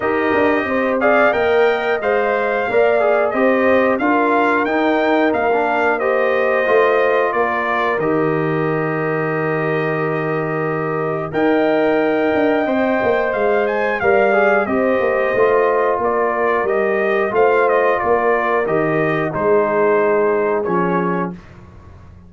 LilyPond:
<<
  \new Staff \with { instrumentName = "trumpet" } { \time 4/4 \tempo 4 = 90 dis''4. f''8 g''4 f''4~ | f''4 dis''4 f''4 g''4 | f''4 dis''2 d''4 | dis''1~ |
dis''4 g''2. | f''8 gis''8 f''4 dis''2 | d''4 dis''4 f''8 dis''8 d''4 | dis''4 c''2 cis''4 | }
  \new Staff \with { instrumentName = "horn" } { \time 4/4 ais'4 c''8 d''8 dis''2 | d''4 c''4 ais'2~ | ais'4 c''2 ais'4~ | ais'1~ |
ais'4 dis''2.~ | dis''4 d''4 c''2 | ais'2 c''4 ais'4~ | ais'4 gis'2. | }
  \new Staff \with { instrumentName = "trombone" } { \time 4/4 g'4. gis'8 ais'4 c''4 | ais'8 gis'8 g'4 f'4 dis'4~ | dis'16 d'8. g'4 f'2 | g'1~ |
g'4 ais'2 c''4~ | c''4 ais'8 gis'8 g'4 f'4~ | f'4 g'4 f'2 | g'4 dis'2 cis'4 | }
  \new Staff \with { instrumentName = "tuba" } { \time 4/4 dis'8 d'8 c'4 ais4 gis4 | ais4 c'4 d'4 dis'4 | ais2 a4 ais4 | dis1~ |
dis4 dis'4. d'8 c'8 ais8 | gis4 g4 c'8 ais8 a4 | ais4 g4 a4 ais4 | dis4 gis2 f4 | }
>>